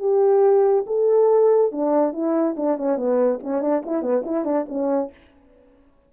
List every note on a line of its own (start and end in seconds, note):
0.00 0.85 G4
0.87 1.72 A4
1.72 2.13 D4
2.13 2.56 E4
2.57 2.78 D4
2.78 2.97 C#4
2.97 3.40 B3
3.44 3.62 C#4
3.62 3.83 D4
3.86 4.03 E4
4.03 4.24 B3
4.26 4.45 E4
4.45 4.67 D4
4.69 5.12 C#4